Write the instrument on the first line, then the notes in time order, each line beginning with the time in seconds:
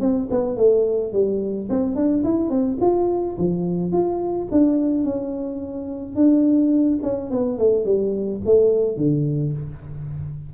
tuba
0.00 C4
0.30 B3
0.56 A3
1.12 G3
1.69 C4
1.95 D4
2.24 E4
2.50 C4
2.81 F4
3.37 F3
3.92 F4
4.51 D4
5.04 C#4
6.15 D4
7.02 C#4
7.30 B3
7.58 A3
7.85 G3
8.45 A3
8.96 D3